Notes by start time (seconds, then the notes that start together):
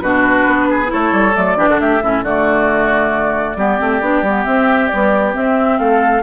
0.00 B2 D4 F#4 B4
0.47 B3
0.70 G#4
0.86 E4 A4 C#5
0.94 A3
1.12 G3
1.35 F#3 A3 D5
1.57 E3 D4 G4
1.68 D3 F#4
1.80 A3 G4 E5
2.02 A2 C#4 E4
2.23 D3 A3 F#4 D5
3.56 G3 B3 G4
3.79 A3 C4
4.01 B3 D4
4.23 G3 B3
4.44 C4 E5
4.88 G3 B3 D5
5.33 C4 E5
5.79 A3 A4 F5